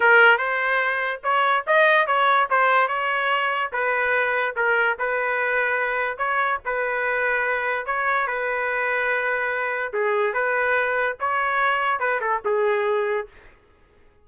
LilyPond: \new Staff \with { instrumentName = "trumpet" } { \time 4/4 \tempo 4 = 145 ais'4 c''2 cis''4 | dis''4 cis''4 c''4 cis''4~ | cis''4 b'2 ais'4 | b'2. cis''4 |
b'2. cis''4 | b'1 | gis'4 b'2 cis''4~ | cis''4 b'8 a'8 gis'2 | }